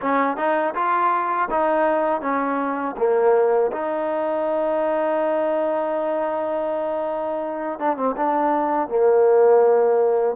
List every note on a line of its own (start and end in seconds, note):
0.01 0.36 C#4
0.36 0.73 D#4
0.74 1.48 F4
1.50 2.21 D#4
2.21 2.95 C#4
2.97 3.71 A#3
3.72 7.79 D#4
7.79 7.96 D4
7.96 8.15 C4
8.16 8.88 D4
8.88 10.35 A#3